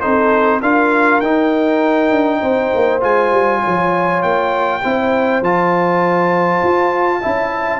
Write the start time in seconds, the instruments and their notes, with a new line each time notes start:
0.00 tuba C4, trombone D#4, horn A4, trumpet C5
0.61 tuba D4, trombone F4, horn A#4, trumpet F5
1.20 tuba D#4, trombone D#4, trumpet G5
2.10 tuba D4
2.40 tuba C4, horn C5
2.75 tuba A#3
3.00 tuba G#3, trombone F4, trumpet G#5
3.31 tuba G3
3.60 horn C#5
3.66 tuba F3
4.22 tuba A#3, trumpet G5
4.83 tuba C4, trombone E4, horn C5
5.41 tuba F3, trombone F4, trumpet A5
6.63 tuba F4
7.20 tuba C#4, trombone E4, horn E5